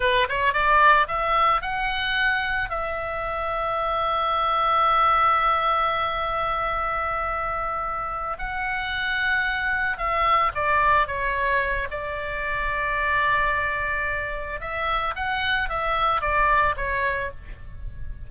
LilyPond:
\new Staff \with { instrumentName = "oboe" } { \time 4/4 \tempo 4 = 111 b'8 cis''8 d''4 e''4 fis''4~ | fis''4 e''2.~ | e''1~ | e''2.~ e''8 fis''8~ |
fis''2~ fis''8 e''4 d''8~ | d''8 cis''4. d''2~ | d''2. e''4 | fis''4 e''4 d''4 cis''4 | }